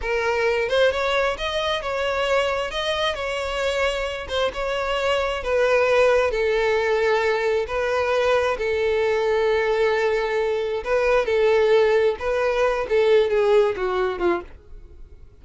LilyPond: \new Staff \with { instrumentName = "violin" } { \time 4/4 \tempo 4 = 133 ais'4. c''8 cis''4 dis''4 | cis''2 dis''4 cis''4~ | cis''4. c''8 cis''2 | b'2 a'2~ |
a'4 b'2 a'4~ | a'1 | b'4 a'2 b'4~ | b'8 a'4 gis'4 fis'4 f'8 | }